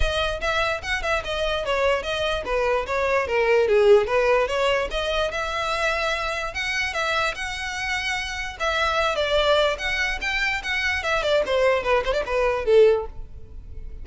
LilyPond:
\new Staff \with { instrumentName = "violin" } { \time 4/4 \tempo 4 = 147 dis''4 e''4 fis''8 e''8 dis''4 | cis''4 dis''4 b'4 cis''4 | ais'4 gis'4 b'4 cis''4 | dis''4 e''2. |
fis''4 e''4 fis''2~ | fis''4 e''4. d''4. | fis''4 g''4 fis''4 e''8 d''8 | c''4 b'8 c''16 d''16 b'4 a'4 | }